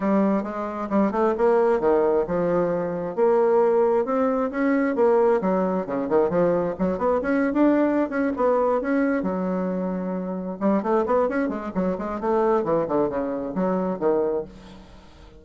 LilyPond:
\new Staff \with { instrumentName = "bassoon" } { \time 4/4 \tempo 4 = 133 g4 gis4 g8 a8 ais4 | dis4 f2 ais4~ | ais4 c'4 cis'4 ais4 | fis4 cis8 dis8 f4 fis8 b8 |
cis'8. d'4~ d'16 cis'8 b4 cis'8~ | cis'8 fis2. g8 | a8 b8 cis'8 gis8 fis8 gis8 a4 | e8 d8 cis4 fis4 dis4 | }